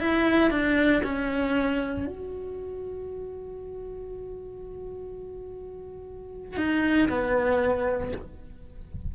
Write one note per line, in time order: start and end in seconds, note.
0.00 0.51 E4
0.51 1.02 D4
1.03 2.07 C#4
2.07 6.57 F#4
6.57 7.09 D#4
7.09 8.13 B3